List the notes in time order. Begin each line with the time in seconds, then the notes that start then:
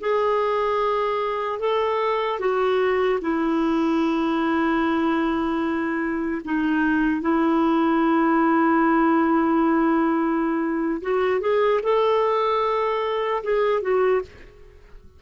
0.00 G#4
1.59 A4
2.39 F#4
3.21 E4
6.44 D#4
7.21 E4
11.01 F#4
11.40 G#4
11.83 A4
13.43 G#4
13.81 F#4